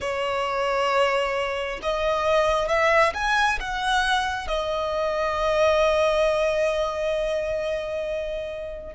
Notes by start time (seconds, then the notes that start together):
0.00 C#5
1.82 D#5
2.68 E5
3.13 G#5
3.60 F#5
4.47 D#5